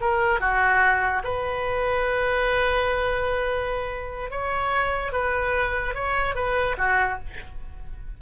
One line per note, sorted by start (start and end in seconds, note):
0.00 0.40 A#4
0.40 1.22 F#4
1.23 4.30 B4
4.30 5.12 C#5
5.12 5.94 B4
5.94 6.35 C#5
6.35 6.76 B4
6.77 7.18 F#4